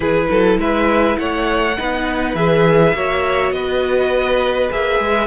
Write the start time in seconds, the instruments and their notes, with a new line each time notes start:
0.00 cello E3, viola E4, violin G#4 B4
0.30 cello F#3, violin A4
0.57 cello G#3, violin B4 E5
1.18 cello A3, violin C#5 F#5
1.78 cello B3, viola D#4, violin B4
2.34 cello E3, viola G#4, violin E5
2.94 cello A#3, viola F#4, violin C#5
3.51 cello B3, violin B4 D#5
4.70 cello A#3, viola G#4, violin E5
4.99 cello G#3